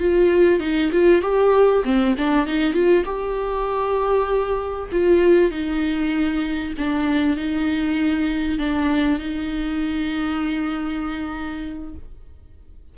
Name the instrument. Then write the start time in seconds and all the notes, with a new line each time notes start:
viola
0.00 F4
0.60 D#4
0.92 F4
1.22 G4
1.85 C4
2.18 D4
2.47 D#4
2.74 F4
3.06 G4
4.92 F4
5.51 D#4
6.78 D4
7.37 D#4
8.59 D4
9.19 D#4